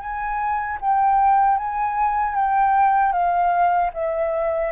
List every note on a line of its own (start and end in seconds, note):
0.00 0.78 G#5
0.81 1.57 G5
1.57 2.34 G#5
2.34 3.12 G5
3.12 3.90 F5
3.94 4.71 E5